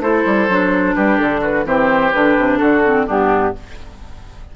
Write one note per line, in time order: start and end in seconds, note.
0.00 0.23 A3
0.00 0.49 E4
0.00 0.96 A4
0.00 0.94 C5
0.26 0.49 G3
0.49 0.96 F#3
0.49 1.65 D4
0.94 1.20 G3
0.94 1.41 G4
0.94 1.18 B4
1.18 1.65 D3
1.18 1.42 A4
1.41 1.64 F#4
1.41 1.67 B4
1.65 2.12 E3
1.65 2.12 C4
1.65 2.59 G4
1.65 2.12 C5
2.12 2.38 D3
2.12 2.83 D4
2.12 2.57 B4
2.38 2.61 C3
2.57 3.08 D3
2.57 3.06 F#4
2.57 3.04 A4
2.84 3.07 C4
3.07 3.55 G2
3.07 3.54 B3
3.07 3.54 D4
3.07 3.56 G4